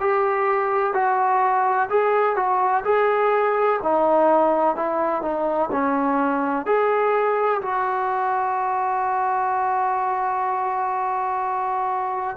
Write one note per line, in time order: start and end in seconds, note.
0.00 0.94 G4
0.94 1.89 F#4
1.90 2.36 G#4
2.36 2.84 F#4
2.85 3.80 G#4
3.83 4.76 D#4
4.76 5.22 E4
5.22 5.70 D#4
5.71 6.66 C#4
6.66 7.61 G#4
7.61 12.37 F#4